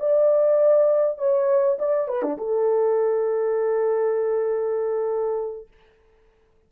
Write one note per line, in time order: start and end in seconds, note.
0.00 1.18 D5
1.18 1.78 C#5
1.79 2.09 D5
2.09 2.23 B4
2.23 2.38 D4
2.38 5.68 A4